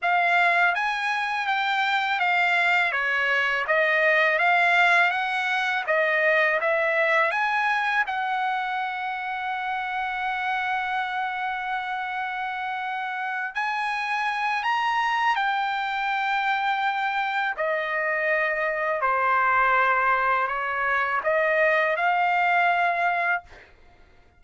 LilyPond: \new Staff \with { instrumentName = "trumpet" } { \time 4/4 \tempo 4 = 82 f''4 gis''4 g''4 f''4 | cis''4 dis''4 f''4 fis''4 | dis''4 e''4 gis''4 fis''4~ | fis''1~ |
fis''2~ fis''8 gis''4. | ais''4 g''2. | dis''2 c''2 | cis''4 dis''4 f''2 | }